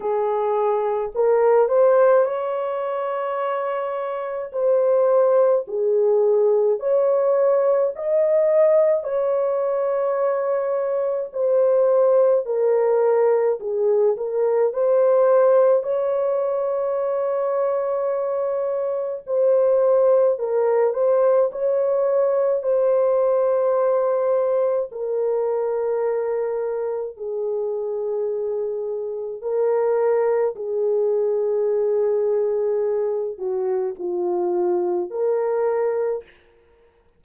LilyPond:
\new Staff \with { instrumentName = "horn" } { \time 4/4 \tempo 4 = 53 gis'4 ais'8 c''8 cis''2 | c''4 gis'4 cis''4 dis''4 | cis''2 c''4 ais'4 | gis'8 ais'8 c''4 cis''2~ |
cis''4 c''4 ais'8 c''8 cis''4 | c''2 ais'2 | gis'2 ais'4 gis'4~ | gis'4. fis'8 f'4 ais'4 | }